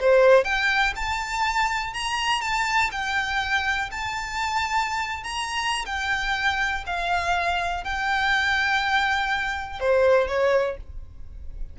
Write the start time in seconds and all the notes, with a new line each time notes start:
0.00 C5
0.44 G5
0.96 A5
1.94 A#5
2.42 A5
2.92 G5
3.91 A5
5.24 A#5
5.86 G5
6.87 F5
7.84 G5
9.80 C5
10.28 C#5